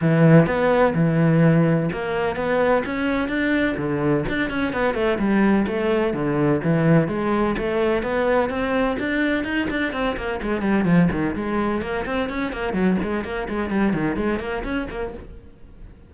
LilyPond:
\new Staff \with { instrumentName = "cello" } { \time 4/4 \tempo 4 = 127 e4 b4 e2 | ais4 b4 cis'4 d'4 | d4 d'8 cis'8 b8 a8 g4 | a4 d4 e4 gis4 |
a4 b4 c'4 d'4 | dis'8 d'8 c'8 ais8 gis8 g8 f8 dis8 | gis4 ais8 c'8 cis'8 ais8 fis8 gis8 | ais8 gis8 g8 dis8 gis8 ais8 cis'8 ais8 | }